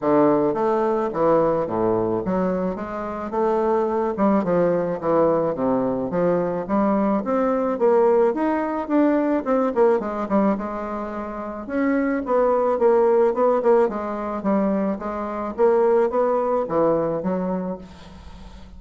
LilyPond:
\new Staff \with { instrumentName = "bassoon" } { \time 4/4 \tempo 4 = 108 d4 a4 e4 a,4 | fis4 gis4 a4. g8 | f4 e4 c4 f4 | g4 c'4 ais4 dis'4 |
d'4 c'8 ais8 gis8 g8 gis4~ | gis4 cis'4 b4 ais4 | b8 ais8 gis4 g4 gis4 | ais4 b4 e4 fis4 | }